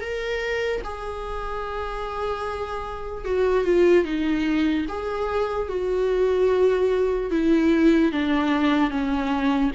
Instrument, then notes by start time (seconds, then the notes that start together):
viola
0.00 A#4
0.84 G#4
3.24 F#4
3.64 F4
4.04 D#4
4.88 G#4
5.68 F#4
7.30 E4
8.12 D4
8.90 C#4